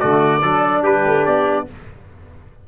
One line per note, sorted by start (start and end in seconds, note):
0.00 0.44 D3
0.00 0.43 A3
0.00 0.42 F#4
0.00 0.83 D5
0.42 0.84 F#3
0.42 1.68 D4
0.42 0.83 A4
0.83 1.05 G3
0.83 1.67 G4
0.83 1.26 B4
1.06 1.26 A3
1.26 1.68 B3
1.26 1.68 D5